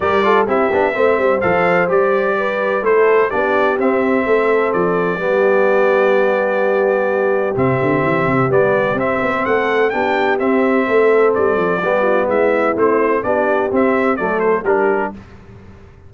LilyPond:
<<
  \new Staff \with { instrumentName = "trumpet" } { \time 4/4 \tempo 4 = 127 d''4 e''2 f''4 | d''2 c''4 d''4 | e''2 d''2~ | d''1 |
e''2 d''4 e''4 | fis''4 g''4 e''2 | d''2 e''4 c''4 | d''4 e''4 d''8 c''8 ais'4 | }
  \new Staff \with { instrumentName = "horn" } { \time 4/4 ais'8 a'8 g'4 c''2~ | c''4 b'4 a'4 g'4~ | g'4 a'2 g'4~ | g'1~ |
g'1 | a'4 g'2 a'4~ | a'4 g'8 f'8 e'2 | g'2 a'4 g'4 | }
  \new Staff \with { instrumentName = "trombone" } { \time 4/4 g'8 f'8 e'8 d'8 c'4 a'4 | g'2 e'4 d'4 | c'2. b4~ | b1 |
c'2 b4 c'4~ | c'4 d'4 c'2~ | c'4 b2 c'4 | d'4 c'4 a4 d'4 | }
  \new Staff \with { instrumentName = "tuba" } { \time 4/4 g4 c'8 b8 a8 g8 f4 | g2 a4 b4 | c'4 a4 f4 g4~ | g1 |
c8 d8 e8 c8 g4 c'8 b8 | a4 b4 c'4 a4 | g8 f8 g4 gis4 a4 | b4 c'4 fis4 g4 | }
>>